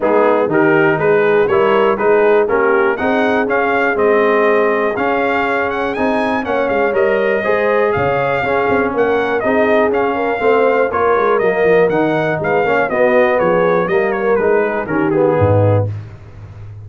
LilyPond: <<
  \new Staff \with { instrumentName = "trumpet" } { \time 4/4 \tempo 4 = 121 gis'4 ais'4 b'4 cis''4 | b'4 ais'4 fis''4 f''4 | dis''2 f''4. fis''8 | gis''4 fis''8 f''8 dis''2 |
f''2 fis''4 dis''4 | f''2 cis''4 dis''4 | fis''4 f''4 dis''4 cis''4 | dis''8 cis''8 b'4 ais'8 gis'4. | }
  \new Staff \with { instrumentName = "horn" } { \time 4/4 dis'4 g'4 gis'4 ais'4 | gis'4 g'4 gis'2~ | gis'1~ | gis'4 cis''2 c''4 |
cis''4 gis'4 ais'4 gis'4~ | gis'8 ais'8 c''4 ais'2~ | ais'4 b'8 cis''8 fis'4 gis'4 | ais'4. gis'8 g'4 dis'4 | }
  \new Staff \with { instrumentName = "trombone" } { \time 4/4 b4 dis'2 e'4 | dis'4 cis'4 dis'4 cis'4 | c'2 cis'2 | dis'4 cis'4 ais'4 gis'4~ |
gis'4 cis'2 dis'4 | cis'4 c'4 f'4 ais4 | dis'4. cis'8 b2 | ais4 dis'4 cis'8 b4. | }
  \new Staff \with { instrumentName = "tuba" } { \time 4/4 gis4 dis4 gis4 g4 | gis4 ais4 c'4 cis'4 | gis2 cis'2 | c'4 ais8 gis8 g4 gis4 |
cis4 cis'8 c'8 ais4 c'4 | cis'4 a4 ais8 gis8 fis8 f8 | dis4 gis8 ais8 b4 f4 | g4 gis4 dis4 gis,4 | }
>>